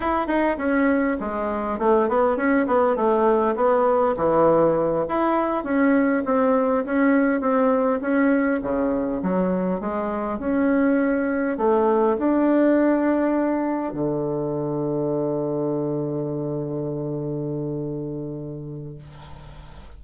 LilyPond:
\new Staff \with { instrumentName = "bassoon" } { \time 4/4 \tempo 4 = 101 e'8 dis'8 cis'4 gis4 a8 b8 | cis'8 b8 a4 b4 e4~ | e8 e'4 cis'4 c'4 cis'8~ | cis'8 c'4 cis'4 cis4 fis8~ |
fis8 gis4 cis'2 a8~ | a8 d'2. d8~ | d1~ | d1 | }